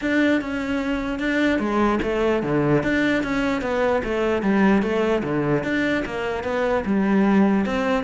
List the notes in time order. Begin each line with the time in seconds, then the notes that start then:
0.01 D4
0.41 C#4
1.19 D4
1.59 G#3
2.02 A3
2.43 D3
2.83 D4
3.23 C#4
3.61 B3
4.04 A3
4.42 G3
4.82 A3
5.23 D3
5.63 D4
6.05 A#3
6.43 B3
6.85 G3
7.65 C4